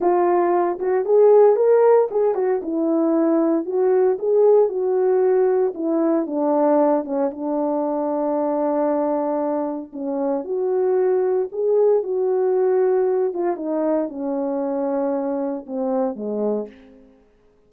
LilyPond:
\new Staff \with { instrumentName = "horn" } { \time 4/4 \tempo 4 = 115 f'4. fis'8 gis'4 ais'4 | gis'8 fis'8 e'2 fis'4 | gis'4 fis'2 e'4 | d'4. cis'8 d'2~ |
d'2. cis'4 | fis'2 gis'4 fis'4~ | fis'4. f'8 dis'4 cis'4~ | cis'2 c'4 gis4 | }